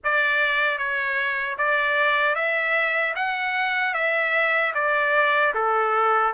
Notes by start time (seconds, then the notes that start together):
0.04 D5
0.78 C#5
1.58 D5
2.35 E5
3.15 F#5
3.94 E5
4.74 D5
5.54 A4